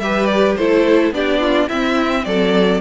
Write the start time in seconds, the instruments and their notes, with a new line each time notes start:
0.00 cello G3, viola G4, violin B4 E5
0.26 violin D5
0.56 cello A3, viola E4, violin A4 C5
1.11 cello B3, viola D4, violin G4 D5
1.41 violin F4
1.69 cello C4, viola C4, violin E4 E5
2.25 cello F#3, violin A4 D5